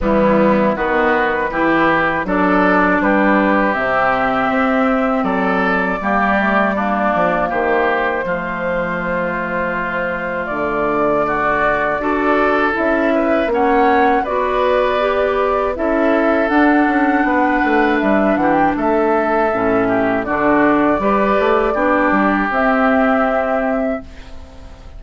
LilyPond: <<
  \new Staff \with { instrumentName = "flute" } { \time 4/4 \tempo 4 = 80 e'4 b'2 d''4 | b'4 e''2 d''4~ | d''2 c''2~ | c''2 d''2~ |
d''4 e''4 fis''4 d''4~ | d''4 e''4 fis''2 | e''8 fis''16 g''16 e''2 d''4~ | d''2 e''2 | }
  \new Staff \with { instrumentName = "oboe" } { \time 4/4 b4 fis'4 g'4 a'4 | g'2. a'4 | g'4 d'4 g'4 f'4~ | f'2. fis'4 |
a'4. b'8 cis''4 b'4~ | b'4 a'2 b'4~ | b'8 g'8 a'4. g'8 fis'4 | b'4 g'2. | }
  \new Staff \with { instrumentName = "clarinet" } { \time 4/4 g4 b4 e'4 d'4~ | d'4 c'2. | ais8 a8 ais2 a4~ | a1 |
fis'4 e'4 cis'4 fis'4 | g'4 e'4 d'2~ | d'2 cis'4 d'4 | g'4 d'4 c'2 | }
  \new Staff \with { instrumentName = "bassoon" } { \time 4/4 e4 dis4 e4 fis4 | g4 c4 c'4 fis4 | g4. f8 dis4 f4~ | f2 d2 |
d'4 cis'4 ais4 b4~ | b4 cis'4 d'8 cis'8 b8 a8 | g8 e8 a4 a,4 d4 | g8 a8 b8 g8 c'2 | }
>>